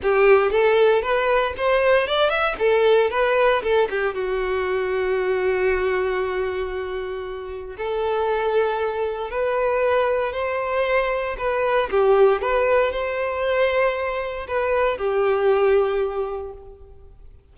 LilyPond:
\new Staff \with { instrumentName = "violin" } { \time 4/4 \tempo 4 = 116 g'4 a'4 b'4 c''4 | d''8 e''8 a'4 b'4 a'8 g'8 | fis'1~ | fis'2. a'4~ |
a'2 b'2 | c''2 b'4 g'4 | b'4 c''2. | b'4 g'2. | }